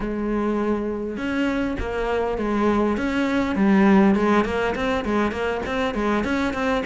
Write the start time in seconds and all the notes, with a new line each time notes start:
0.00 G#3
1.17 C#4
1.79 A#3
2.38 G#3
2.97 C#4
3.55 G3
4.15 G#3
4.44 A#3
4.75 C4
5.04 G#3
5.31 A#3
5.66 C4
5.94 G#3
6.24 C#4
6.53 C4